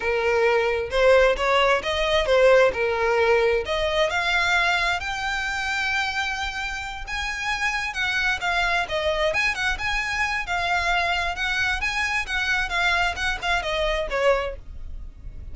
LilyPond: \new Staff \with { instrumentName = "violin" } { \time 4/4 \tempo 4 = 132 ais'2 c''4 cis''4 | dis''4 c''4 ais'2 | dis''4 f''2 g''4~ | g''2.~ g''8 gis''8~ |
gis''4. fis''4 f''4 dis''8~ | dis''8 gis''8 fis''8 gis''4. f''4~ | f''4 fis''4 gis''4 fis''4 | f''4 fis''8 f''8 dis''4 cis''4 | }